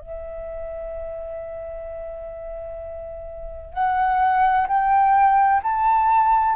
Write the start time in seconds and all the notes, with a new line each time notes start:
0.00 E5
3.74 F#5
4.68 G5
5.63 A5